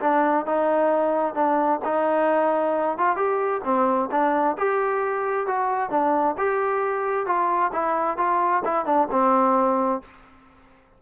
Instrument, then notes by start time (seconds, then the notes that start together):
trombone
0.00 D4
0.45 D#4
1.34 D4
1.84 D#4
2.97 F4
3.16 G4
3.64 C4
4.11 D4
4.57 G4
5.46 F#4
5.90 D4
6.37 G4
7.26 F4
7.72 E4
8.17 F4
8.64 E4
8.85 D4
9.11 C4